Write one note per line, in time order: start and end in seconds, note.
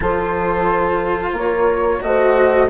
0.00 1.32 F3
0.00 1.99 F4
0.00 1.34 A4
0.00 1.36 C5
1.32 1.99 A#3
1.32 2.01 A#4
1.32 2.01 C#5
2.00 2.69 A3
2.00 2.68 F#4
2.00 2.69 C5
2.00 2.69 D#5